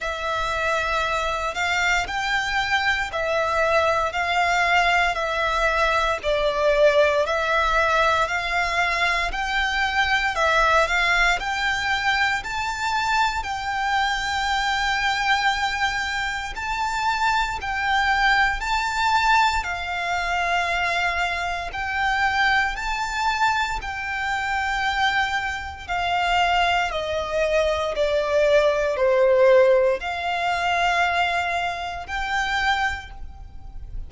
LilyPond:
\new Staff \with { instrumentName = "violin" } { \time 4/4 \tempo 4 = 58 e''4. f''8 g''4 e''4 | f''4 e''4 d''4 e''4 | f''4 g''4 e''8 f''8 g''4 | a''4 g''2. |
a''4 g''4 a''4 f''4~ | f''4 g''4 a''4 g''4~ | g''4 f''4 dis''4 d''4 | c''4 f''2 g''4 | }